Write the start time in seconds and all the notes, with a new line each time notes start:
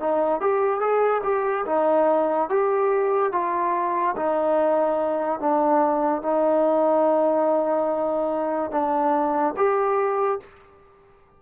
0.00 D#4
0.41 G4
0.80 G#4
1.23 G4
1.66 D#4
2.50 G4
3.32 F4
4.17 D#4
5.40 D4
6.22 D#4
8.71 D4
9.57 G4